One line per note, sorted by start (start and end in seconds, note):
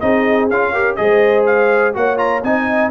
0.00 0.50 C4
0.00 0.49 D#4
0.00 0.72 G#4
0.00 0.48 D#5
0.50 0.98 C#4
0.50 0.74 F4
0.50 0.96 F5
0.72 0.97 G4
0.72 0.96 A#4
0.96 1.96 G#3
0.96 1.94 G#4
0.96 1.96 C5
0.96 1.44 D#5
1.46 1.94 F5
1.94 2.43 A#3
1.94 2.17 F#4
1.94 2.44 C#5
1.94 2.18 F#5
2.17 2.41 F4
2.17 2.42 A#5
2.43 2.90 C4
2.43 2.90 D#4
2.43 2.90 D#5
2.43 2.90 G#5